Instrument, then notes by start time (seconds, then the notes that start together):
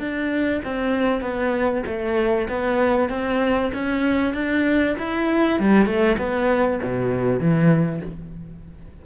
cello
0.00 D4
0.65 C4
1.22 B3
1.87 A3
2.49 B3
3.10 C4
3.74 C#4
4.34 D4
4.99 E4
5.60 G3
5.87 A3
6.18 B3
6.83 B2
7.40 E3